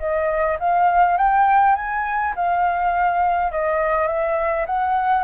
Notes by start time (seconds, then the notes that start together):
0.00 D#5
0.60 F5
1.18 G5
1.76 G#5
2.36 F5
3.52 D#5
4.08 E5
4.67 F#5